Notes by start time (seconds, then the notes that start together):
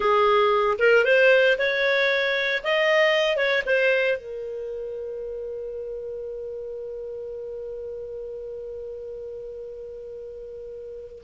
0.00 G#4
0.78 A#4
1.05 C5
1.58 C#5
2.63 D#5
3.37 C#5
3.66 C5
4.17 A#4